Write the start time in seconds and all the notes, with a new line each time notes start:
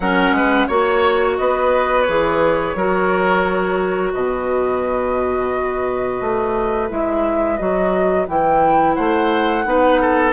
0.00 F#3 C#4 A#4 F#5
0.31 G#3 B4
0.67 A#3 F#4 C#5
1.37 B3 B4 D#5
2.02 G#4 C#5
2.08 E3
2.74 F#3 F#4 A#4
4.13 B2 B4 D#5
6.21 A3
6.89 G#3 E4 E5
7.56 F#3 F#4 D#5
8.27 E3 E4 G5
8.94 A3 C5 F#5
9.65 B3 D#4 B4
10.01 A4